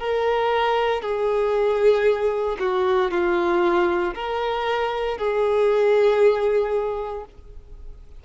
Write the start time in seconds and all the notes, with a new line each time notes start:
0.00 A#4
1.02 G#4
2.60 F#4
3.11 F4
4.15 A#4
5.18 G#4